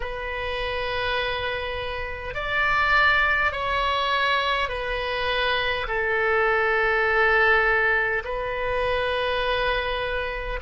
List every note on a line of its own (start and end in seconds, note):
0.00 2.34 B4
2.34 3.51 D5
3.51 4.68 C#5
4.68 5.86 B4
5.87 8.22 A4
8.24 10.59 B4